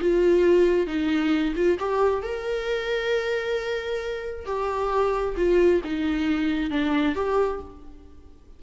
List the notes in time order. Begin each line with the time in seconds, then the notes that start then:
0.00 F4
0.86 D#4
1.55 F4
1.79 G4
2.22 A#4
4.45 G4
5.36 F4
5.84 D#4
6.70 D4
7.15 G4